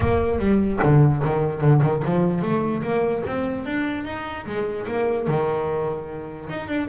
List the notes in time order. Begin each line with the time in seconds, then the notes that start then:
0.00 A#3
0.39 G3
0.82 D3
1.24 D#3
1.61 D3
1.82 D#3
2.04 F3
2.42 A3
2.82 A#3
3.26 C4
3.65 D4
4.04 D#4
4.45 G#3
4.87 A#3
5.27 D#3
6.49 D#4
6.68 D4